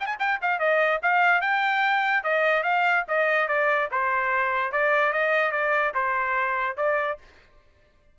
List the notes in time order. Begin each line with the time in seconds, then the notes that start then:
0.00 G5
0.06 G#5
0.19 G5
0.42 F5
0.59 D#5
1.02 F5
1.41 G5
2.24 D#5
2.63 F5
3.08 D#5
3.48 D5
3.91 C5
4.72 D5
5.13 D#5
5.52 D5
5.95 C5
6.77 D5